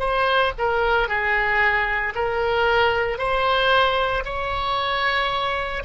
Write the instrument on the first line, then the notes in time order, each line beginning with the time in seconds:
oboe
0.00 C5
0.59 A#4
1.09 G#4
2.15 A#4
3.19 C5
4.25 C#5